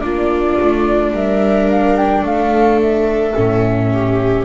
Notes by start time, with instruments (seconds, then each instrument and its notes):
0.00 double bass A#3, viola D4 F4, flute D5
0.60 double bass A3
1.11 double bass G3, viola A#4, flute E5
1.70 flute F5
1.96 flute G5
2.22 double bass A3, viola A4, flute F5
2.81 flute E5
3.34 double bass A2, viola C#4
3.92 viola G4